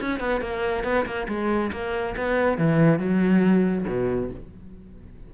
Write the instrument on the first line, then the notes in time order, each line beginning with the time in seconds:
cello
0.00 C#4
0.20 B3
0.41 A#3
0.83 B3
1.05 A#3
1.28 G#3
1.72 A#3
2.16 B3
2.57 E3
2.99 F#3
3.87 B2